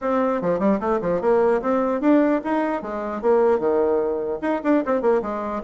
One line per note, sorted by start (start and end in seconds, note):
0.01 0.41 C4
0.41 0.59 F3
0.59 0.79 G3
0.80 1.00 A3
1.01 1.21 F3
1.21 1.61 A#3
1.61 2.00 C4
2.00 2.41 D4
2.43 2.82 D#4
2.82 3.21 G#3
3.21 3.59 A#3
3.59 4.39 D#3
4.41 4.61 D#4
4.63 4.83 D4
4.85 5.01 C4
5.01 5.21 A#3
5.21 5.62 G#3